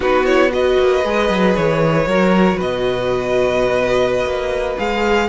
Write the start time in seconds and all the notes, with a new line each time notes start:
0.00 B3 D#4 F#4 B4
0.25 E4 C#5
0.50 F#4 B4 D#5
0.78 A#3
1.04 G#3 G#4
1.29 F#3
1.55 E3 C#5
2.06 F#3 F#4 A#4
2.56 B2 B4 D#5
4.25 A#3
4.77 G#3 G#4 F5